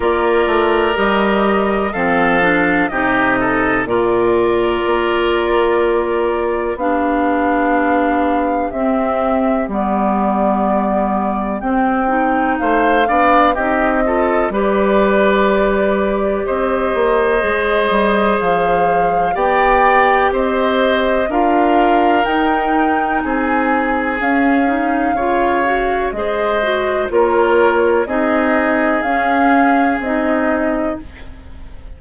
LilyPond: <<
  \new Staff \with { instrumentName = "flute" } { \time 4/4 \tempo 4 = 62 d''4 dis''4 f''4 dis''4 | d''2. f''4~ | f''4 e''4 d''2 | g''4 f''4 dis''4 d''4~ |
d''4 dis''2 f''4 | g''4 dis''4 f''4 g''4 | gis''4 f''2 dis''4 | cis''4 dis''4 f''4 dis''4 | }
  \new Staff \with { instrumentName = "oboe" } { \time 4/4 ais'2 a'4 g'8 a'8 | ais'2. g'4~ | g'1~ | g'4 c''8 d''8 g'8 a'8 b'4~ |
b'4 c''2. | d''4 c''4 ais'2 | gis'2 cis''4 c''4 | ais'4 gis'2. | }
  \new Staff \with { instrumentName = "clarinet" } { \time 4/4 f'4 g'4 c'8 d'8 dis'4 | f'2. d'4~ | d'4 c'4 b2 | c'8 dis'4 d'8 dis'8 f'8 g'4~ |
g'2 gis'2 | g'2 f'4 dis'4~ | dis'4 cis'8 dis'8 f'8 fis'8 gis'8 fis'8 | f'4 dis'4 cis'4 dis'4 | }
  \new Staff \with { instrumentName = "bassoon" } { \time 4/4 ais8 a8 g4 f4 c4 | ais,4 ais2 b4~ | b4 c'4 g2 | c'4 a8 b8 c'4 g4~ |
g4 c'8 ais8 gis8 g8 f4 | b4 c'4 d'4 dis'4 | c'4 cis'4 cis4 gis4 | ais4 c'4 cis'4 c'4 | }
>>